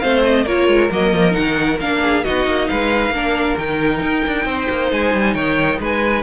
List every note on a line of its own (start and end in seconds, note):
0.00 0.46 A3
0.00 0.46 C4
0.00 0.44 C5
0.00 0.22 F5
0.25 0.46 D#5
0.44 0.68 A#3
0.44 0.91 F4
0.44 2.00 A#4
0.44 0.91 C#5
0.68 0.90 G#3
0.91 1.13 F#3
0.91 1.31 A#3
0.91 1.34 D#5
1.13 1.35 F3
1.31 1.76 D#4
1.31 1.78 F#5
1.39 1.80 D#3
1.80 2.25 A#3
1.80 2.25 D4
1.80 2.25 F5
2.02 2.24 G#4
2.24 2.47 B3
2.24 3.13 D#4
2.24 2.69 F#4
2.24 2.68 D#5
2.47 2.69 A#3
2.68 3.10 G#3
2.68 3.15 B4
2.68 3.57 F5
3.10 3.54 A#3
3.10 3.59 D4
3.16 4.47 A#4
3.58 4.02 D#3
3.58 6.23 D#4
3.58 4.92 G5
4.02 4.24 D#4
4.27 4.45 D4
4.45 4.68 C4
4.45 5.34 C5
4.70 4.92 A#3
4.92 5.14 G#3
4.92 5.34 G#5
5.15 5.35 G3
5.34 5.79 D#3
5.34 5.79 C#5
5.34 5.79 G5
5.80 6.23 G#3
5.80 6.23 B4
5.80 6.23 G#5